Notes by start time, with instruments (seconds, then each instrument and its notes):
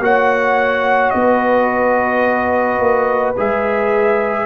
0.00 tuba A#3, trombone F#4, horn C#5, trumpet F#5
1.10 tuba B3, trumpet D#5
1.16 horn B4
2.79 tuba A#3
3.37 tuba G#3, trombone G#4, trumpet E5